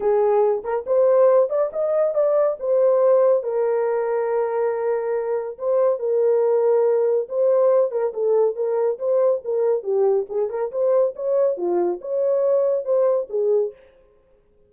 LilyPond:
\new Staff \with { instrumentName = "horn" } { \time 4/4 \tempo 4 = 140 gis'4. ais'8 c''4. d''8 | dis''4 d''4 c''2 | ais'1~ | ais'4 c''4 ais'2~ |
ais'4 c''4. ais'8 a'4 | ais'4 c''4 ais'4 g'4 | gis'8 ais'8 c''4 cis''4 f'4 | cis''2 c''4 gis'4 | }